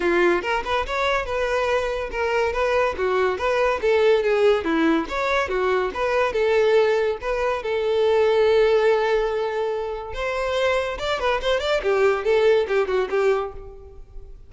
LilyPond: \new Staff \with { instrumentName = "violin" } { \time 4/4 \tempo 4 = 142 f'4 ais'8 b'8 cis''4 b'4~ | b'4 ais'4 b'4 fis'4 | b'4 a'4 gis'4 e'4 | cis''4 fis'4 b'4 a'4~ |
a'4 b'4 a'2~ | a'1 | c''2 d''8 b'8 c''8 d''8 | g'4 a'4 g'8 fis'8 g'4 | }